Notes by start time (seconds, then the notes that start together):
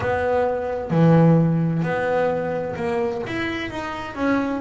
0.00 B3
0.90 E3
1.82 B3
2.76 A#3
3.26 E4
3.70 D#4
4.15 C#4